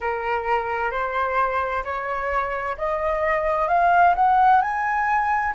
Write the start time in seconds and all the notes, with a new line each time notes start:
0.00 A#4
0.91 C5
1.84 C#5
2.77 D#5
3.68 F5
4.15 F#5
4.62 G#5